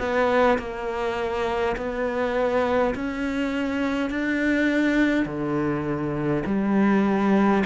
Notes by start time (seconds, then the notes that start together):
0.00 B3
0.59 A#3
1.78 B3
2.95 C#4
4.11 D4
5.26 D3
6.47 G3